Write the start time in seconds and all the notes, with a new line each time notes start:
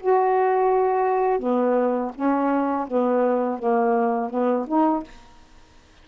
0.00 F#4
1.39 B3
2.15 C#4
2.87 B3
3.59 A#3
4.30 B3
4.67 D#4